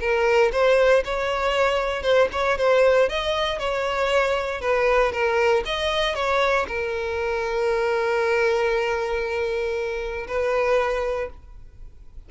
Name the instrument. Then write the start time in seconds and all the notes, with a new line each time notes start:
violin
0.00 A#4
0.52 C5
1.05 C#5
2.03 C5
2.32 C#5
2.58 C5
3.09 D#5
3.59 C#5
4.61 B4
5.12 A#4
5.65 D#5
6.15 C#5
6.68 A#4
10.27 B4